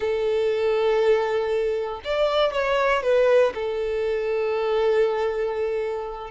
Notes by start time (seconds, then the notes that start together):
0.00 A4
2.04 D5
2.52 C#5
3.02 B4
3.54 A4